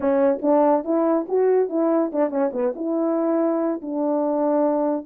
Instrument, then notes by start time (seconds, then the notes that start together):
horn
0.00 C#4
0.42 D4
0.84 E4
1.28 F#4
1.69 E4
2.12 D4
2.29 C#4
2.52 B3
2.75 E4
3.81 D4